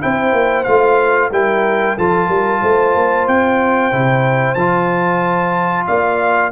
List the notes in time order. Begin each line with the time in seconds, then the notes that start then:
0.00 C4 E4 C5 G5
0.32 A#3
0.64 A3 F4 F5
1.31 G3 E4 A#4 G5
1.97 F3 F4 A4 A5
2.28 G3 A#4
2.61 A3 C5
2.95 A#3
3.27 C4 G5
3.91 C3 E4
4.54 F3 F4 A5
5.87 A#3 D5 F5